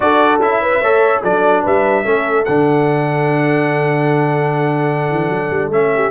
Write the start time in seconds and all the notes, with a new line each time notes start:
0.00 D4 F#4 A4 D5
0.40 C#4 E4 E5
0.61 B4
0.80 A3 A4 C#5
1.22 F#3 D4 A4 D5
1.62 G3 B4 E5
2.04 A3 C#4 A4
2.44 D3 D4 F#5
5.10 E3
5.29 F#3
5.50 G3
5.69 A3 C#4 E5
5.94 G4